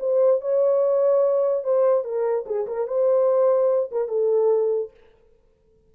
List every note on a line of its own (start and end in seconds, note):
0.00 0.41 C5
0.41 1.64 C#5
1.64 2.04 C5
2.04 2.45 A#4
2.46 2.67 G#4
2.67 2.87 A#4
2.87 3.90 C5
3.92 4.08 A#4
4.08 4.91 A4